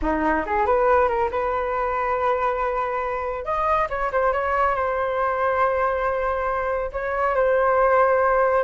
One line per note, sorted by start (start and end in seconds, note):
0.02 0.45 D#4
0.46 0.66 G#4
0.66 1.08 B4
1.08 1.29 A#4
1.30 3.44 B4
3.44 3.88 D#5
3.89 4.11 C#5
4.12 4.33 C5
4.33 4.75 C#5
4.75 6.91 C5
6.92 7.35 C#5
7.35 8.64 C5